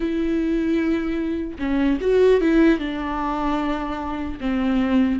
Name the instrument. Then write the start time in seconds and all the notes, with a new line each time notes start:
viola
0.00 E4
1.59 C#4
2.00 F#4
2.40 E4
2.79 D4
4.40 C4